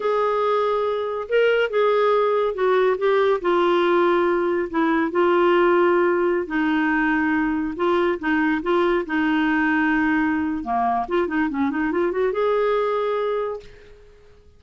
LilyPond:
\new Staff \with { instrumentName = "clarinet" } { \time 4/4 \tempo 4 = 141 gis'2. ais'4 | gis'2 fis'4 g'4 | f'2. e'4 | f'2.~ f'16 dis'8.~ |
dis'2~ dis'16 f'4 dis'8.~ | dis'16 f'4 dis'2~ dis'8.~ | dis'4 ais4 f'8 dis'8 cis'8 dis'8 | f'8 fis'8 gis'2. | }